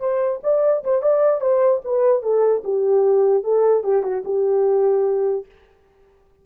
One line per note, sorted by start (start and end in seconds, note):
0.00 0.40 C5
0.44 0.84 D5
0.84 1.02 C5
1.02 1.41 D5
1.41 1.82 C5
1.85 2.23 B4
2.23 2.63 A4
2.64 3.44 G4
3.44 3.84 A4
3.84 4.03 G4
4.03 4.23 F#4
4.25 5.46 G4